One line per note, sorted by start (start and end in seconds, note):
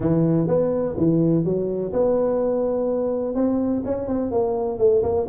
0.00 0.47 E3
0.47 0.95 B3
0.97 1.44 E3
1.44 1.92 F#3
1.92 3.34 B3
3.34 3.82 C4
3.85 4.07 C#4
4.07 4.31 C4
4.31 4.78 A#3
4.78 5.02 A3
5.03 5.27 A#3